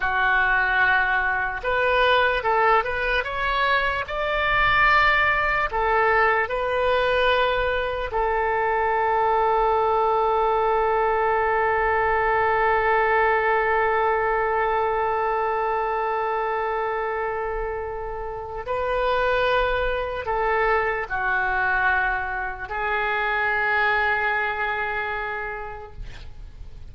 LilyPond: \new Staff \with { instrumentName = "oboe" } { \time 4/4 \tempo 4 = 74 fis'2 b'4 a'8 b'8 | cis''4 d''2 a'4 | b'2 a'2~ | a'1~ |
a'1~ | a'2. b'4~ | b'4 a'4 fis'2 | gis'1 | }